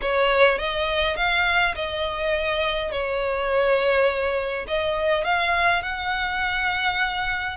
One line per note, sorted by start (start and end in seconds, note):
0.01 0.58 C#5
0.58 1.16 D#5
1.16 1.74 F5
1.75 2.91 D#5
2.91 4.66 C#5
4.67 5.24 D#5
5.24 5.82 F5
5.82 7.57 F#5